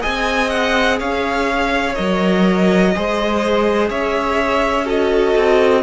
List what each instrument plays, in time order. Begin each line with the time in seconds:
0.00 cello C4, viola G#4, violin D#5 G#5
0.50 violin F#5
0.99 cello C#4, violin C#5 F5
1.95 cello F#3, viola A#4, violin D#5
2.95 cello G#3, viola G#4, violin C5
3.90 cello C#4, violin C#5 E5
4.85 viola F#4, violin A4 D#5
5.37 cello C4